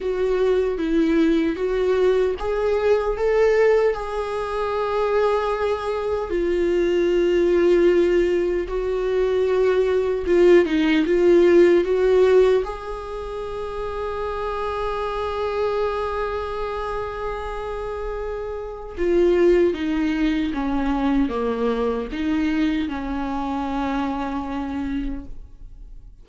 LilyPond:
\new Staff \with { instrumentName = "viola" } { \time 4/4 \tempo 4 = 76 fis'4 e'4 fis'4 gis'4 | a'4 gis'2. | f'2. fis'4~ | fis'4 f'8 dis'8 f'4 fis'4 |
gis'1~ | gis'1 | f'4 dis'4 cis'4 ais4 | dis'4 cis'2. | }